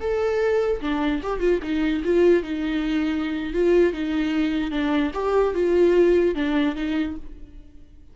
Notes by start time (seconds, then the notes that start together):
0.00 A4
0.81 D4
1.23 G4
1.40 F4
1.63 D#4
2.04 F4
2.43 D#4
3.53 F4
3.93 D#4
4.71 D4
5.14 G4
5.54 F4
6.35 D4
6.75 D#4